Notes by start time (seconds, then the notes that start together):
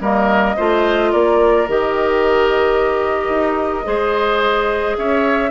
0.00 G3 A#3 A#4 D#5
0.56 A3 F4 C5
1.12 A#3 A#4 D5
1.67 D#3 G4 D#5
3.28 D#4
3.84 G#3 G#4 C5
4.97 C#4 C#5 E5